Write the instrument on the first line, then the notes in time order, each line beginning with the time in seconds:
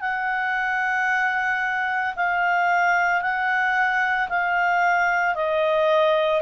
clarinet
0.00 F#5
2.15 F5
3.21 F#5
4.29 F5
5.35 D#5